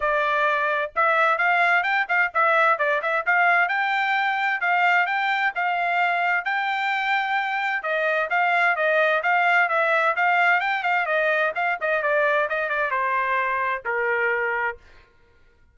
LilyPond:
\new Staff \with { instrumentName = "trumpet" } { \time 4/4 \tempo 4 = 130 d''2 e''4 f''4 | g''8 f''8 e''4 d''8 e''8 f''4 | g''2 f''4 g''4 | f''2 g''2~ |
g''4 dis''4 f''4 dis''4 | f''4 e''4 f''4 g''8 f''8 | dis''4 f''8 dis''8 d''4 dis''8 d''8 | c''2 ais'2 | }